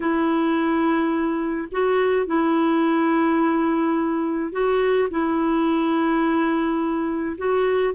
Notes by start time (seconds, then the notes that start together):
0.00 E4
1.71 F#4
2.26 E4
4.52 F#4
5.10 E4
7.37 F#4